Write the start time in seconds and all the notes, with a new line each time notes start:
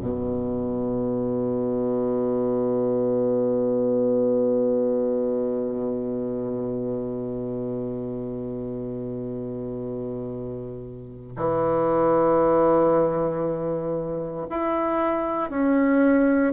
0.00 B2
11.37 E3
14.49 E4
15.50 C#4